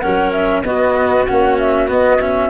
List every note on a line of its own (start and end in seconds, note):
0.00 0.63 F#3
0.00 0.64 C#4
0.00 0.63 A#4
0.00 0.31 F#5
0.31 0.62 E5
0.63 1.25 B3
0.63 1.27 B3
0.63 2.50 F#4
0.63 1.26 D#5
1.26 1.90 A#3
1.26 1.88 C#4
1.26 1.57 F#5
1.59 1.90 E5
1.88 2.19 B3
1.88 2.50 B3
1.88 2.21 D#5
2.21 2.50 C#4
2.21 2.50 E5